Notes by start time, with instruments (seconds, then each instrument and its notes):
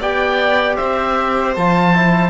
0.00 cello B3, trombone G4, violin D5, oboe G5
0.76 cello C4, violin C5, oboe E5
1.56 cello F3, trombone F4, oboe A5
1.93 trombone E4